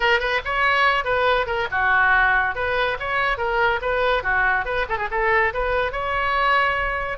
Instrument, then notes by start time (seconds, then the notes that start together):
oboe
0.00 A#4
0.19 B4
0.44 C#5
1.04 B4
1.46 A#4
1.71 F#4
2.55 B4
2.99 C#5
3.37 A#4
3.81 B4
4.23 F#4
4.65 B4
4.88 A4
4.97 G#4
5.10 A4
5.53 B4
5.92 C#5